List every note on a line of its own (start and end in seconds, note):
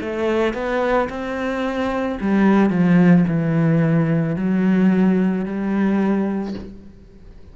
0.00 0.54 A3
0.54 1.08 B3
1.09 2.18 C4
2.21 2.70 G3
2.70 3.24 F3
3.27 4.36 E3
4.36 5.45 F#3
5.45 6.54 G3